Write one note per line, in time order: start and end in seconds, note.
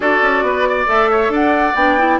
0.00 0.19 D4
0.00 0.86 F#4
0.00 0.44 A4
0.00 0.88 D5
0.21 0.42 C#4
0.42 0.86 B3
0.42 0.68 B4
0.68 1.10 D5
0.86 1.29 A3
0.86 1.74 A4
0.86 1.32 E5
1.10 1.32 C#5
1.29 1.73 D4
1.29 2.19 D5
1.29 1.75 F#5
1.75 2.19 B3
1.75 1.98 D4
1.75 2.19 G5
1.98 2.19 E4